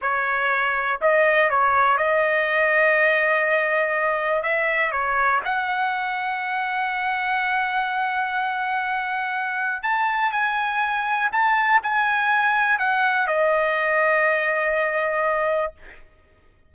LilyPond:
\new Staff \with { instrumentName = "trumpet" } { \time 4/4 \tempo 4 = 122 cis''2 dis''4 cis''4 | dis''1~ | dis''4 e''4 cis''4 fis''4~ | fis''1~ |
fis''1 | a''4 gis''2 a''4 | gis''2 fis''4 dis''4~ | dis''1 | }